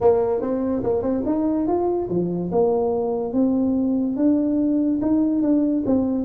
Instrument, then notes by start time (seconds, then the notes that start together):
tuba
0.00 A#3
0.41 C4
0.83 A#3
1.02 C4
1.25 D#4
1.67 F4
2.09 F3
2.51 A#3
3.33 C4
4.16 D4
5.02 D#4
5.42 D4
5.85 C4